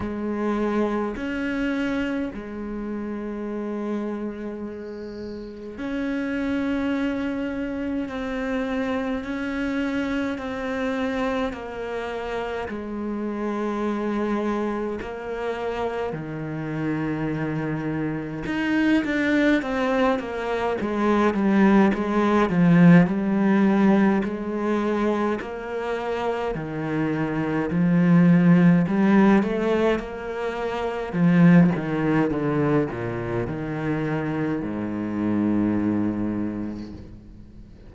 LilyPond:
\new Staff \with { instrumentName = "cello" } { \time 4/4 \tempo 4 = 52 gis4 cis'4 gis2~ | gis4 cis'2 c'4 | cis'4 c'4 ais4 gis4~ | gis4 ais4 dis2 |
dis'8 d'8 c'8 ais8 gis8 g8 gis8 f8 | g4 gis4 ais4 dis4 | f4 g8 a8 ais4 f8 dis8 | d8 ais,8 dis4 gis,2 | }